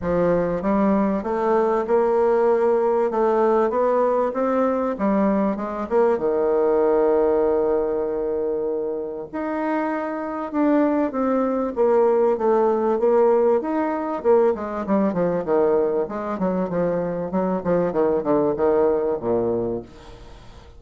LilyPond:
\new Staff \with { instrumentName = "bassoon" } { \time 4/4 \tempo 4 = 97 f4 g4 a4 ais4~ | ais4 a4 b4 c'4 | g4 gis8 ais8 dis2~ | dis2. dis'4~ |
dis'4 d'4 c'4 ais4 | a4 ais4 dis'4 ais8 gis8 | g8 f8 dis4 gis8 fis8 f4 | fis8 f8 dis8 d8 dis4 ais,4 | }